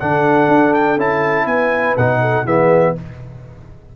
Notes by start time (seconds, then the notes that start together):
0.00 D3 D4 A4 F#5
0.48 D4
0.74 G5
0.97 C#4 E4 A5
1.46 B3 B4 G#5
1.97 B2 D#4 F#5
2.22 A4
2.45 E3 B3 G#4 E5